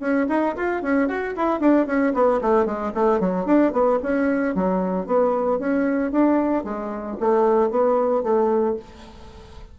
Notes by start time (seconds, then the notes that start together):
0.00 C#4
0.29 D#4
0.56 F4
0.82 C#4
1.08 F#4
1.36 E4
1.60 D4
1.87 C#4
2.14 B3
2.41 A3
2.65 G#3
2.94 A3
3.20 F#3
3.46 D4
3.72 B3
4.03 C#4
4.55 F#3
5.06 B3
5.59 C#4
6.12 D4
6.64 G#3
7.20 A3
7.71 B3
8.23 A3